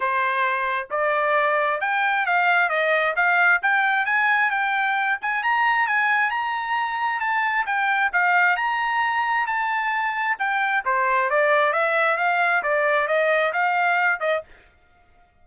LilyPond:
\new Staff \with { instrumentName = "trumpet" } { \time 4/4 \tempo 4 = 133 c''2 d''2 | g''4 f''4 dis''4 f''4 | g''4 gis''4 g''4. gis''8 | ais''4 gis''4 ais''2 |
a''4 g''4 f''4 ais''4~ | ais''4 a''2 g''4 | c''4 d''4 e''4 f''4 | d''4 dis''4 f''4. dis''8 | }